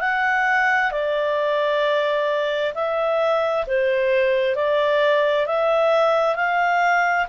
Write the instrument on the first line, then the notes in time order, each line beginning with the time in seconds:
clarinet
0.00 F#5
0.91 D5
2.74 E5
3.67 C5
4.55 D5
5.46 E5
6.35 F5